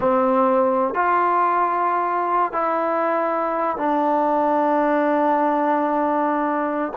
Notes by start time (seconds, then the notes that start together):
0.00 C4
0.94 F4
2.52 E4
3.77 D4